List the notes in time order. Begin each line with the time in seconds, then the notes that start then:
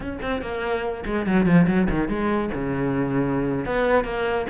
0.00 C#4
0.22 C4
0.41 A#3
1.05 G#3
1.26 F#3
1.45 F3
1.67 F#3
1.90 D#3
2.08 G#3
2.54 C#3
3.65 B3
4.04 A#3